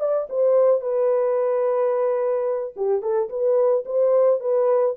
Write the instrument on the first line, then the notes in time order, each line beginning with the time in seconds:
horn
0.00 D5
0.30 C5
0.81 B4
2.76 G4
3.02 A4
3.30 B4
3.86 C5
4.40 B4